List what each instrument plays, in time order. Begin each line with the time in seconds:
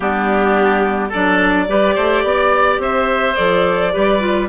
0.00 bassoon G3, clarinet B3, oboe D4, violin G4
1.08 clarinet D4, oboe A4, violin D5
1.15 bassoon F#3
1.67 bassoon G3, clarinet G4, oboe B4
1.94 bassoon A3, oboe C5
2.23 bassoon B3, oboe D5
2.78 bassoon C4, oboe C5, violin E5
3.35 bassoon F3, clarinet A4, violin D5
3.92 bassoon G3, clarinet G4, oboe B4
4.19 clarinet F4